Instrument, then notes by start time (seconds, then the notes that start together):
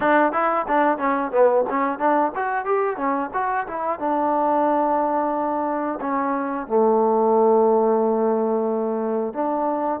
trombone
0.00 D4
0.32 E4
0.68 D4
0.98 C#4
1.31 B3
1.69 C#4
1.98 D4
2.35 F#4
2.65 G4
2.97 C#4
3.33 F#4
3.67 E4
3.98 D4
6.00 C#4
6.67 A3
9.33 D4